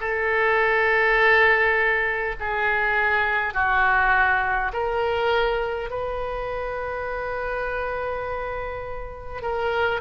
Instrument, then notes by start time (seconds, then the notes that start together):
oboe
0.00 A4
2.40 G#4
3.54 F#4
4.73 A#4
5.90 B4
9.42 A#4